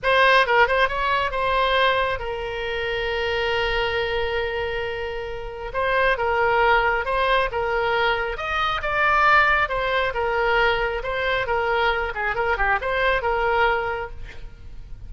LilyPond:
\new Staff \with { instrumentName = "oboe" } { \time 4/4 \tempo 4 = 136 c''4 ais'8 c''8 cis''4 c''4~ | c''4 ais'2.~ | ais'1~ | ais'4 c''4 ais'2 |
c''4 ais'2 dis''4 | d''2 c''4 ais'4~ | ais'4 c''4 ais'4. gis'8 | ais'8 g'8 c''4 ais'2 | }